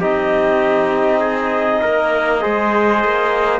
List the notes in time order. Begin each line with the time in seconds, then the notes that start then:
0.00 C4 D#4 G4 D#5
1.20 G#4
1.81 A#3 A#4
2.40 G#3 G#4 C5
3.04 A#3